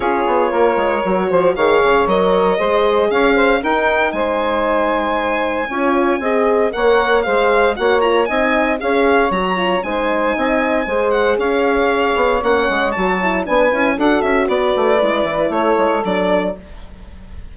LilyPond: <<
  \new Staff \with { instrumentName = "violin" } { \time 4/4 \tempo 4 = 116 cis''2. f''4 | dis''2 f''4 g''4 | gis''1~ | gis''4 fis''4 f''4 fis''8 ais''8 |
gis''4 f''4 ais''4 gis''4~ | gis''4. fis''8 f''2 | fis''4 a''4 gis''4 fis''8 e''8 | d''2 cis''4 d''4 | }
  \new Staff \with { instrumentName = "saxophone" } { \time 4/4 gis'4 ais'4. c''8 cis''4~ | cis''4 c''4 cis''8 c''8 ais'4 | c''2. cis''4 | dis''4 cis''4 c''4 cis''4 |
dis''4 cis''2 c''4 | dis''4 c''4 cis''2~ | cis''2 b'4 a'4 | b'2 a'2 | }
  \new Staff \with { instrumentName = "horn" } { \time 4/4 f'2 fis'4 gis'4 | ais'4 gis'2 dis'4~ | dis'2. f'4 | gis'4 ais'4 gis'4 fis'8 f'8 |
dis'4 gis'4 fis'8 f'8 dis'4~ | dis'4 gis'2. | cis'4 fis'8 e'8 d'8 e'8 fis'4~ | fis'4 e'2 d'4 | }
  \new Staff \with { instrumentName = "bassoon" } { \time 4/4 cis'8 b8 ais8 gis8 fis8 f8 dis8 cis8 | fis4 gis4 cis'4 dis'4 | gis2. cis'4 | c'4 ais4 gis4 ais4 |
c'4 cis'4 fis4 gis4 | c'4 gis4 cis'4. b8 | ais8 gis8 fis4 b8 cis'8 d'8 cis'8 | b8 a8 gis8 e8 a8 gis8 fis4 | }
>>